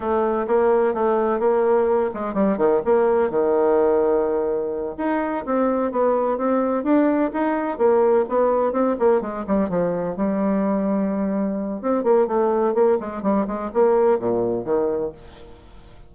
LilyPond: \new Staff \with { instrumentName = "bassoon" } { \time 4/4 \tempo 4 = 127 a4 ais4 a4 ais4~ | ais8 gis8 g8 dis8 ais4 dis4~ | dis2~ dis8 dis'4 c'8~ | c'8 b4 c'4 d'4 dis'8~ |
dis'8 ais4 b4 c'8 ais8 gis8 | g8 f4 g2~ g8~ | g4 c'8 ais8 a4 ais8 gis8 | g8 gis8 ais4 ais,4 dis4 | }